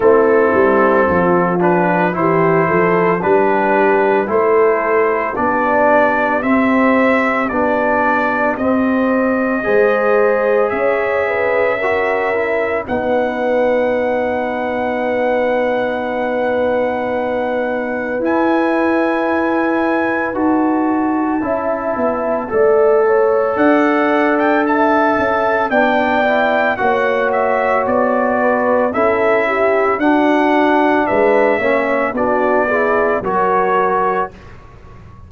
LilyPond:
<<
  \new Staff \with { instrumentName = "trumpet" } { \time 4/4 \tempo 4 = 56 a'4. b'8 c''4 b'4 | c''4 d''4 e''4 d''4 | dis''2 e''2 | fis''1~ |
fis''4 gis''2 a''4~ | a''2 fis''8. g''16 a''4 | g''4 fis''8 e''8 d''4 e''4 | fis''4 e''4 d''4 cis''4 | }
  \new Staff \with { instrumentName = "horn" } { \time 4/4 e'4 f'4 g'8 a'8 g'4 | a'4 g'2.~ | g'4 c''4 cis''8 b'8 ais'4 | b'1~ |
b'1 | e''4 d''8 cis''8 d''4 e''4 | d''4 cis''4. b'8 a'8 g'8 | fis'4 b'8 cis''8 fis'8 gis'8 ais'4 | }
  \new Staff \with { instrumentName = "trombone" } { \time 4/4 c'4. d'8 e'4 d'4 | e'4 d'4 c'4 d'4 | c'4 gis'2 fis'8 e'8 | dis'1~ |
dis'4 e'2 fis'4 | e'4 a'2. | d'8 e'8 fis'2 e'4 | d'4. cis'8 d'8 e'8 fis'4 | }
  \new Staff \with { instrumentName = "tuba" } { \time 4/4 a8 g8 f4 e8 f8 g4 | a4 b4 c'4 b4 | c'4 gis4 cis'2 | b1~ |
b4 e'2 dis'4 | cis'8 b8 a4 d'4. cis'8 | b4 ais4 b4 cis'4 | d'4 gis8 ais8 b4 fis4 | }
>>